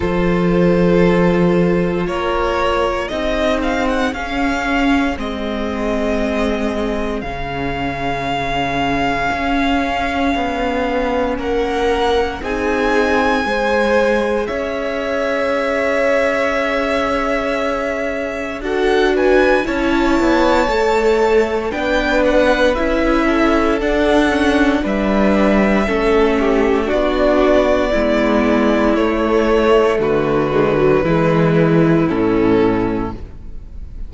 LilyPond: <<
  \new Staff \with { instrumentName = "violin" } { \time 4/4 \tempo 4 = 58 c''2 cis''4 dis''8 f''16 fis''16 | f''4 dis''2 f''4~ | f''2. fis''4 | gis''2 e''2~ |
e''2 fis''8 gis''8 a''4~ | a''4 g''8 fis''8 e''4 fis''4 | e''2 d''2 | cis''4 b'2 a'4 | }
  \new Staff \with { instrumentName = "violin" } { \time 4/4 a'2 ais'4 gis'4~ | gis'1~ | gis'2. ais'4 | gis'4 c''4 cis''2~ |
cis''2 a'8 b'8 cis''4~ | cis''4 b'4. a'4. | b'4 a'8 g'8 fis'4 e'4~ | e'4 fis'4 e'2 | }
  \new Staff \with { instrumentName = "viola" } { \time 4/4 f'2. dis'4 | cis'4 c'2 cis'4~ | cis'1 | dis'4 gis'2.~ |
gis'2 fis'4 e'4 | a'4 d'4 e'4 d'8 cis'8 | d'4 cis'4 d'4 b4 | a4. gis16 fis16 gis4 cis'4 | }
  \new Staff \with { instrumentName = "cello" } { \time 4/4 f2 ais4 c'4 | cis'4 gis2 cis4~ | cis4 cis'4 b4 ais4 | c'4 gis4 cis'2~ |
cis'2 d'4 cis'8 b8 | a4 b4 cis'4 d'4 | g4 a4 b4 gis4 | a4 d4 e4 a,4 | }
>>